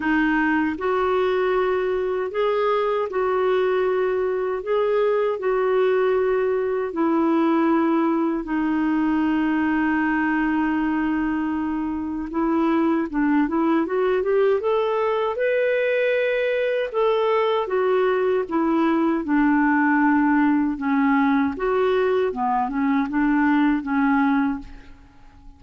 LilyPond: \new Staff \with { instrumentName = "clarinet" } { \time 4/4 \tempo 4 = 78 dis'4 fis'2 gis'4 | fis'2 gis'4 fis'4~ | fis'4 e'2 dis'4~ | dis'1 |
e'4 d'8 e'8 fis'8 g'8 a'4 | b'2 a'4 fis'4 | e'4 d'2 cis'4 | fis'4 b8 cis'8 d'4 cis'4 | }